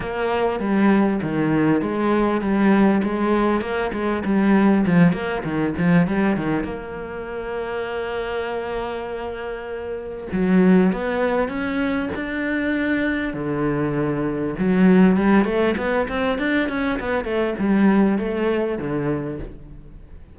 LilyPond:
\new Staff \with { instrumentName = "cello" } { \time 4/4 \tempo 4 = 99 ais4 g4 dis4 gis4 | g4 gis4 ais8 gis8 g4 | f8 ais8 dis8 f8 g8 dis8 ais4~ | ais1~ |
ais4 fis4 b4 cis'4 | d'2 d2 | fis4 g8 a8 b8 c'8 d'8 cis'8 | b8 a8 g4 a4 d4 | }